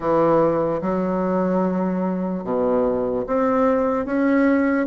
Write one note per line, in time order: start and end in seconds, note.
0.00 0.81 E3
0.81 2.43 F#3
2.44 3.25 B2
3.27 4.05 C4
4.05 4.86 C#4